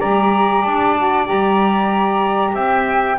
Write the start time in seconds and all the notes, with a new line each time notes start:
0.00 G3 G4 D5 A#5
0.63 D4 A5
0.98 F#4
1.25 G3 G4 A#5
2.54 C4 E5 G5